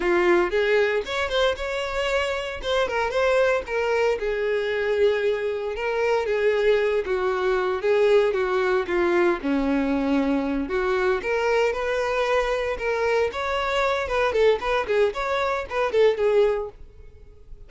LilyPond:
\new Staff \with { instrumentName = "violin" } { \time 4/4 \tempo 4 = 115 f'4 gis'4 cis''8 c''8 cis''4~ | cis''4 c''8 ais'8 c''4 ais'4 | gis'2. ais'4 | gis'4. fis'4. gis'4 |
fis'4 f'4 cis'2~ | cis'8 fis'4 ais'4 b'4.~ | b'8 ais'4 cis''4. b'8 a'8 | b'8 gis'8 cis''4 b'8 a'8 gis'4 | }